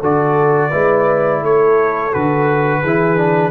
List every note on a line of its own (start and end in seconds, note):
0.00 0.71 D3
0.00 0.70 F#4
0.00 0.70 A4
0.00 1.45 D5
0.70 1.41 G#3
0.70 2.11 E4
0.70 1.40 B4
1.41 2.12 A3
1.41 2.81 A4
1.41 2.13 C#5
2.12 2.82 D3
2.12 2.82 F#4
2.12 3.51 B4
2.81 3.51 E3
2.81 3.17 E4
2.81 3.51 G#4
3.17 3.51 D4